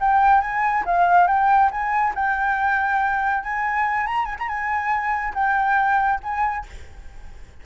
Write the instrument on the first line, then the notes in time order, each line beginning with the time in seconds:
flute
0.00 G5
0.41 G#5
0.85 F5
1.27 G5
1.71 G#5
2.15 G5
3.43 G#5
4.06 A#5
4.25 G#5
4.39 A#5
4.48 G#5
5.34 G5
6.23 G#5